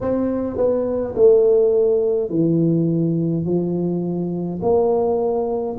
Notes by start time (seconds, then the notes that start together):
0.01 C4
0.56 B3
1.15 A3
2.29 E3
3.45 F3
4.62 A#3